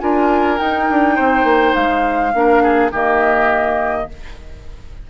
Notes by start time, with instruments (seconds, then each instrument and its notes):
0.00 bassoon D4, clarinet F4, oboe A#4, flute G#5
0.58 clarinet D#4, bassoon D#4, flute G5
0.90 bassoon D4
1.16 bassoon C4, oboe C5
1.44 bassoon A#3
1.75 bassoon G#3, flute F5
2.33 bassoon A#3, clarinet D4, oboe A#4
2.63 oboe G#4
2.92 bassoon D#3, clarinet A#3, oboe G4, flute D#5